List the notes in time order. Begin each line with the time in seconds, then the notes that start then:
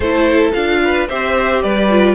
0.00 A3 E4 A4 C5
0.53 D4 F4 F5
0.84 B4
1.08 C4 G4 C5 E5
1.62 G3 B4 D5
1.90 F4